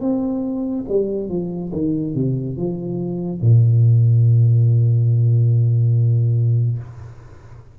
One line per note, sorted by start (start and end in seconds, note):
0.00 0.85 C4
0.88 1.29 G3
1.29 1.71 F3
1.72 2.14 D#3
2.14 2.56 C3
2.56 3.40 F3
3.40 6.78 A#2